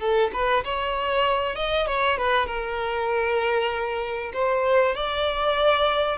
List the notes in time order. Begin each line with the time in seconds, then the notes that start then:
0.00 A4
0.33 B4
0.65 C#5
1.56 D#5
1.87 C#5
2.18 B4
2.47 A#4
4.34 C5
4.95 D5